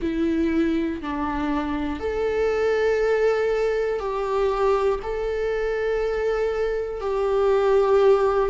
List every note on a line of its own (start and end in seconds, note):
0.01 1.01 E4
1.01 1.99 D4
1.99 3.99 A4
3.99 4.99 G4
5.03 7.00 A4
7.00 8.49 G4